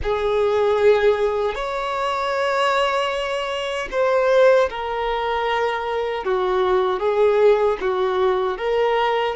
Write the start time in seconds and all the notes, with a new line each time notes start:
0.02 G#4
1.54 C#5
3.91 C5
4.70 A#4
6.24 F#4
6.99 G#4
7.80 F#4
8.57 A#4